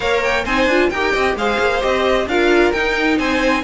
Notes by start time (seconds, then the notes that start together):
0.00 A#3 A#4 C#5 F5
0.23 G5
0.44 C4 D#4 C5 G#5
0.66 D4 F4
0.89 D#4 G4 A#4 G5
1.12 C4 D#5
1.35 G#3 G#4 C5 F5
1.59 A#3
1.80 C4 G4 D#5
2.26 D4 F4 A#4 F5
2.72 D#4 G5
3.17 C4 C5 G#5